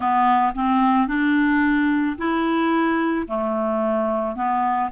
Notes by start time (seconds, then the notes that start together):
0.00 B3
0.55 C4
1.07 D4
2.18 E4
3.27 A3
4.35 B3